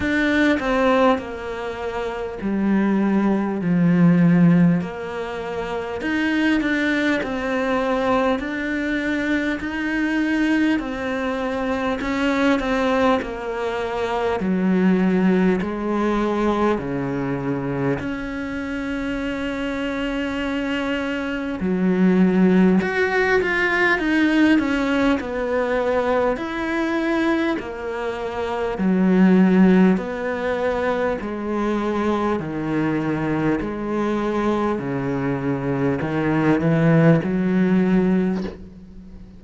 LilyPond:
\new Staff \with { instrumentName = "cello" } { \time 4/4 \tempo 4 = 50 d'8 c'8 ais4 g4 f4 | ais4 dis'8 d'8 c'4 d'4 | dis'4 c'4 cis'8 c'8 ais4 | fis4 gis4 cis4 cis'4~ |
cis'2 fis4 fis'8 f'8 | dis'8 cis'8 b4 e'4 ais4 | fis4 b4 gis4 dis4 | gis4 cis4 dis8 e8 fis4 | }